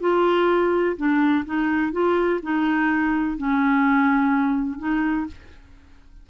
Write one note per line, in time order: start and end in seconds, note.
0.00 0.96 F4
0.96 1.44 D4
1.46 1.92 D#4
1.92 2.40 F4
2.43 3.38 D#4
3.38 4.78 C#4
4.78 5.26 D#4